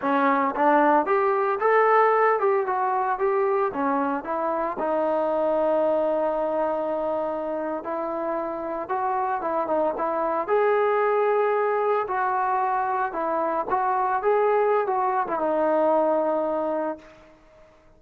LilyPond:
\new Staff \with { instrumentName = "trombone" } { \time 4/4 \tempo 4 = 113 cis'4 d'4 g'4 a'4~ | a'8 g'8 fis'4 g'4 cis'4 | e'4 dis'2.~ | dis'2~ dis'8. e'4~ e'16~ |
e'8. fis'4 e'8 dis'8 e'4 gis'16~ | gis'2~ gis'8. fis'4~ fis'16~ | fis'8. e'4 fis'4 gis'4~ gis'16 | fis'8. e'16 dis'2. | }